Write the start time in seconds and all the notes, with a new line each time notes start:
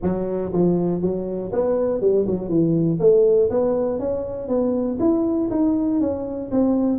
0.02 F#3
0.53 F3
1.01 F#3
1.52 B3
2.00 G3
2.26 F#3
2.48 E3
2.99 A3
3.50 B3
3.99 C#4
4.48 B3
4.99 E4
5.50 D#4
6.00 C#4
6.51 C4